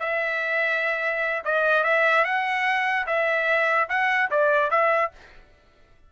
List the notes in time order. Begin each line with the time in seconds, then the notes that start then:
0.00 E5
1.45 D#5
1.84 E5
2.25 F#5
3.07 E5
3.89 F#5
4.31 D5
4.71 E5